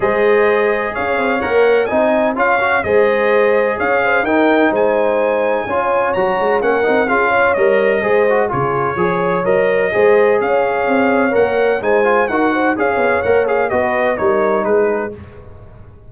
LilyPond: <<
  \new Staff \with { instrumentName = "trumpet" } { \time 4/4 \tempo 4 = 127 dis''2 f''4 fis''4 | gis''4 f''4 dis''2 | f''4 g''4 gis''2~ | gis''4 ais''4 fis''4 f''4 |
dis''2 cis''2 | dis''2 f''2 | fis''4 gis''4 fis''4 f''4 | fis''8 f''8 dis''4 cis''4 b'4 | }
  \new Staff \with { instrumentName = "horn" } { \time 4/4 c''2 cis''2 | dis''4 cis''4 c''2 | cis''8 c''8 ais'4 c''2 | cis''2 ais'4 gis'8 cis''8~ |
cis''4 c''4 gis'4 cis''4~ | cis''4 c''4 cis''2~ | cis''4 c''4 ais'8 c''8 cis''4~ | cis''4 b'4 ais'4 gis'4 | }
  \new Staff \with { instrumentName = "trombone" } { \time 4/4 gis'2. ais'4 | dis'4 f'8 fis'8 gis'2~ | gis'4 dis'2. | f'4 fis'4 cis'8 dis'8 f'4 |
ais'4 gis'8 fis'8 f'4 gis'4 | ais'4 gis'2. | ais'4 dis'8 f'8 fis'4 gis'4 | ais'8 gis'8 fis'4 dis'2 | }
  \new Staff \with { instrumentName = "tuba" } { \time 4/4 gis2 cis'8 c'8 ais4 | c'4 cis'4 gis2 | cis'4 dis'4 gis2 | cis'4 fis8 gis8 ais8 c'8 cis'4 |
g4 gis4 cis4 f4 | fis4 gis4 cis'4 c'4 | ais4 gis4 dis'4 cis'8 b8 | ais4 b4 g4 gis4 | }
>>